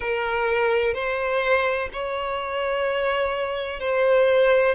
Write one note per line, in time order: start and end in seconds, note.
0.00 0.94 A#4
0.94 1.89 C5
1.92 3.80 C#5
3.80 4.74 C5